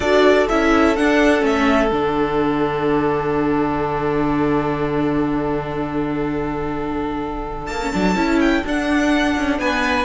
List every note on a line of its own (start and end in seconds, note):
0.00 0.47 D4
0.00 0.48 F#4
0.00 9.60 A4
0.00 0.47 D5
0.48 0.98 C#4
0.48 0.97 E4
0.48 0.96 E5
0.96 1.41 D4
0.96 1.42 D4
0.96 1.44 F#5
1.41 1.90 A3
1.41 1.89 C#4
1.41 1.93 E5
1.91 7.67 D3
1.91 7.80 D4
1.91 7.67 F#5
7.67 7.92 A#3
7.67 8.39 A5
7.81 7.92 C#4
7.92 8.15 F#3
7.92 8.15 D4
8.15 8.63 C#4
8.15 8.63 E4
8.40 8.64 G5
8.64 9.36 D4
8.64 10.04 D4
8.64 9.59 F#5
9.37 9.58 C#4
9.58 10.04 B3
9.58 10.04 B4
9.58 10.04 G#5